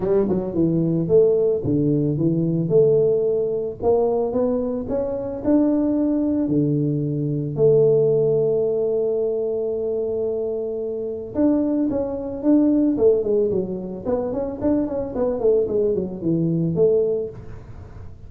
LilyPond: \new Staff \with { instrumentName = "tuba" } { \time 4/4 \tempo 4 = 111 g8 fis8 e4 a4 d4 | e4 a2 ais4 | b4 cis'4 d'2 | d2 a2~ |
a1~ | a4 d'4 cis'4 d'4 | a8 gis8 fis4 b8 cis'8 d'8 cis'8 | b8 a8 gis8 fis8 e4 a4 | }